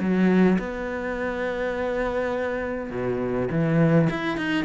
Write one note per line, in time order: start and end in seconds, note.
0.00 0.58 F#3
0.59 2.91 B3
2.91 3.49 B2
3.51 4.09 E3
4.10 4.37 E4
4.37 4.65 D#4